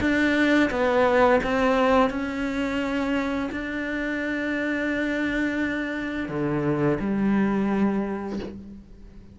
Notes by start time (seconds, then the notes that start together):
0.00 D4
0.70 B3
1.43 C4
2.10 C#4
3.52 D4
6.29 D3
7.00 G3